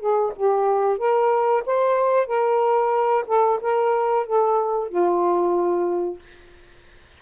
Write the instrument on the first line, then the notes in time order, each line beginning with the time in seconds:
saxophone
0.00 G#4
0.36 G4
0.98 A#4
1.66 C5
2.27 A#4
3.27 A4
3.61 A#4
4.27 A4
4.89 F4